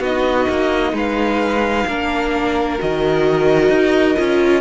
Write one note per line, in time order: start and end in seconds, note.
0.00 0.46 B3
0.00 1.88 D#4
0.00 0.93 F#4
0.00 0.97 D#5
0.50 0.93 A#3
0.93 1.85 G#3
0.93 1.87 B4
0.93 2.81 F5
1.87 2.80 A#3
1.87 2.79 D4
1.87 4.62 A#4
2.79 3.70 D#3
2.79 4.17 F#4
2.79 4.62 D#5
3.70 4.16 D#4
4.17 4.62 C#4
4.17 4.62 F4